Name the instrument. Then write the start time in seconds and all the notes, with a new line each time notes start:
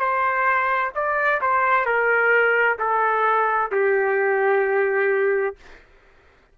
trumpet
0.00 C5
0.95 D5
1.41 C5
1.86 A#4
2.79 A4
3.72 G4